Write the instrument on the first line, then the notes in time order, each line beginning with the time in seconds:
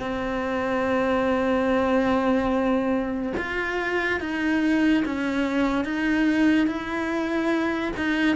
cello
0.00 C4
3.38 F4
4.20 D#4
5.05 C#4
5.85 D#4
6.67 E4
7.97 D#4